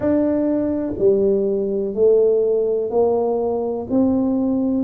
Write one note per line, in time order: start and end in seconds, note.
0.00 0.93 D4
0.98 1.94 G3
1.94 2.90 A3
2.90 3.87 A#3
3.89 4.83 C4